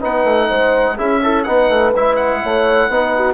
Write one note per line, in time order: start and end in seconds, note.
0.00 0.24 B3
0.00 0.96 D#4
0.00 0.48 B4
0.00 0.98 F#5
0.24 0.48 A3
0.48 0.99 G#3
0.48 0.96 C5
0.97 1.47 C#4
0.97 1.22 E4
0.97 1.21 G#4
0.97 1.43 E5
1.23 1.45 E4
1.23 1.46 A4
1.43 1.69 B3
1.43 1.94 D#4
1.43 2.41 B4
1.43 1.91 F#5
1.69 1.93 A3
1.95 2.43 G#3
1.95 2.91 E4
1.95 2.16 E5
2.16 3.34 F#5
2.43 2.89 A3
2.43 2.91 C#5
2.89 3.34 B3
2.89 3.34 D#4
2.89 3.15 B4
3.15 3.34 F#4